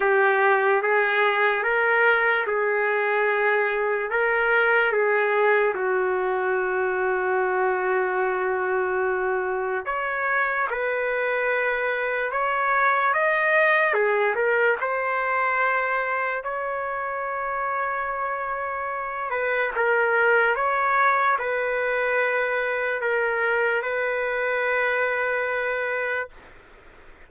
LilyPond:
\new Staff \with { instrumentName = "trumpet" } { \time 4/4 \tempo 4 = 73 g'4 gis'4 ais'4 gis'4~ | gis'4 ais'4 gis'4 fis'4~ | fis'1 | cis''4 b'2 cis''4 |
dis''4 gis'8 ais'8 c''2 | cis''2.~ cis''8 b'8 | ais'4 cis''4 b'2 | ais'4 b'2. | }